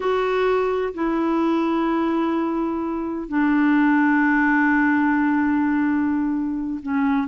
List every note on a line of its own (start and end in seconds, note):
0.00 0.93 F#4
0.94 3.28 E4
3.28 6.79 D4
6.82 7.27 C#4